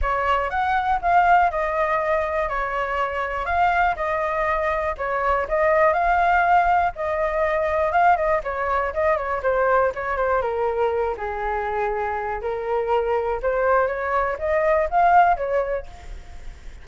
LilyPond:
\new Staff \with { instrumentName = "flute" } { \time 4/4 \tempo 4 = 121 cis''4 fis''4 f''4 dis''4~ | dis''4 cis''2 f''4 | dis''2 cis''4 dis''4 | f''2 dis''2 |
f''8 dis''8 cis''4 dis''8 cis''8 c''4 | cis''8 c''8 ais'4. gis'4.~ | gis'4 ais'2 c''4 | cis''4 dis''4 f''4 cis''4 | }